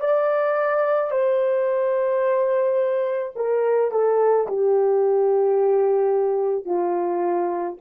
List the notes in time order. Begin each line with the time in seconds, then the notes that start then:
0.00 D5
1.11 C5
3.35 A#4
3.91 A4
4.47 G4
6.65 F4